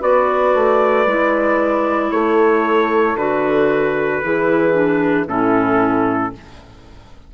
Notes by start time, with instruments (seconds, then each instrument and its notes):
0.00 bassoon B3, clarinet F#4, horn B4, trumpet D5
0.54 bassoon A3
1.06 bassoon G#3, clarinet E4
2.12 bassoon A3, horn A4, trumpet C#5
3.16 bassoon D3, clarinet F#4, trumpet B4
4.24 bassoon E3, clarinet E4, horn G#4
4.74 clarinet D4
5.27 bassoon A2, clarinet C#4, horn E4, trumpet A4